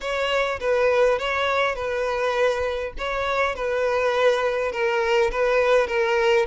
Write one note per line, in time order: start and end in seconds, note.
0.00 0.59 C#5
0.59 1.18 B4
1.18 1.75 C#5
1.75 2.93 B4
2.98 3.55 C#5
3.55 4.72 B4
4.72 5.30 A#4
5.31 5.87 B4
5.87 6.45 A#4